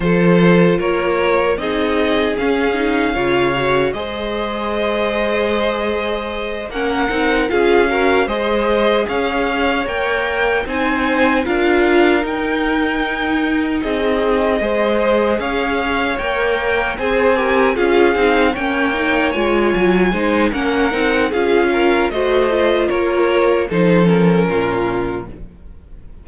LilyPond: <<
  \new Staff \with { instrumentName = "violin" } { \time 4/4 \tempo 4 = 76 c''4 cis''4 dis''4 f''4~ | f''4 dis''2.~ | dis''8 fis''4 f''4 dis''4 f''8~ | f''8 g''4 gis''4 f''4 g''8~ |
g''4. dis''2 f''8~ | f''8 g''4 gis''4 f''4 g''8~ | g''8 gis''4. fis''4 f''4 | dis''4 cis''4 c''8 ais'4. | }
  \new Staff \with { instrumentName = "violin" } { \time 4/4 a'4 ais'4 gis'2 | cis''4 c''2.~ | c''8 ais'4 gis'8 ais'8 c''4 cis''8~ | cis''4. c''4 ais'4.~ |
ais'4. gis'4 c''4 cis''8~ | cis''4. c''8 ais'8 gis'4 cis''8~ | cis''4. c''8 ais'4 gis'8 ais'8 | c''4 ais'4 a'4 f'4 | }
  \new Staff \with { instrumentName = "viola" } { \time 4/4 f'2 dis'4 cis'8 dis'8 | f'8 fis'8 gis'2.~ | gis'8 cis'8 dis'8 f'8 fis'8 gis'4.~ | gis'8 ais'4 dis'4 f'4 dis'8~ |
dis'2~ dis'8 gis'4.~ | gis'8 ais'4 gis'8 g'8 f'8 dis'8 cis'8 | dis'8 f'4 dis'8 cis'8 dis'8 f'4 | fis'8 f'4. dis'8 cis'4. | }
  \new Staff \with { instrumentName = "cello" } { \time 4/4 f4 ais4 c'4 cis'4 | cis4 gis2.~ | gis8 ais8 c'8 cis'4 gis4 cis'8~ | cis'8 ais4 c'4 d'4 dis'8~ |
dis'4. c'4 gis4 cis'8~ | cis'8 ais4 c'4 cis'8 c'8 ais8~ | ais8 gis8 fis8 gis8 ais8 c'8 cis'4 | a4 ais4 f4 ais,4 | }
>>